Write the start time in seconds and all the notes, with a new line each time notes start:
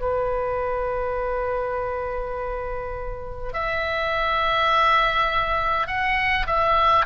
0.00 B4
3.53 E5
5.87 F#5
6.47 E5